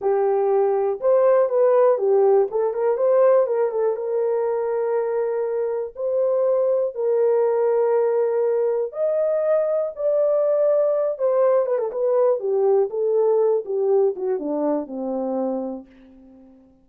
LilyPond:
\new Staff \with { instrumentName = "horn" } { \time 4/4 \tempo 4 = 121 g'2 c''4 b'4 | g'4 a'8 ais'8 c''4 ais'8 a'8 | ais'1 | c''2 ais'2~ |
ais'2 dis''2 | d''2~ d''8 c''4 b'16 a'16 | b'4 g'4 a'4. g'8~ | g'8 fis'8 d'4 c'2 | }